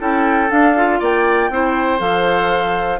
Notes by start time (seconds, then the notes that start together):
0.00 C#4 E4 A4 G5
0.49 D4 F5
0.76 F4
0.99 A#3 D5 G5
1.49 C4 E4 C5
1.99 F3 A4 F5